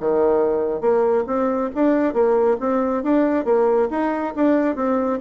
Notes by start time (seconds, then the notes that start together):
0.00 D#3
0.80 A#3
1.26 C4
1.74 D4
2.13 A#3
2.60 C4
3.03 D4
3.45 A#3
3.90 D#4
4.36 D4
4.75 C4